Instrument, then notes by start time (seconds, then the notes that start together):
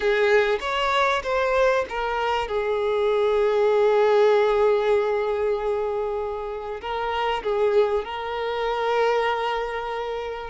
violin
0.00 G#4
0.60 C#5
1.23 C5
1.89 A#4
2.47 G#4
6.81 A#4
7.43 G#4
8.04 A#4